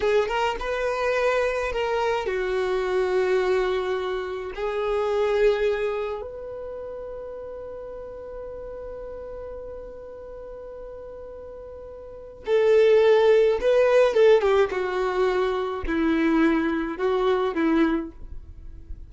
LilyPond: \new Staff \with { instrumentName = "violin" } { \time 4/4 \tempo 4 = 106 gis'8 ais'8 b'2 ais'4 | fis'1 | gis'2. b'4~ | b'1~ |
b'1~ | b'2 a'2 | b'4 a'8 g'8 fis'2 | e'2 fis'4 e'4 | }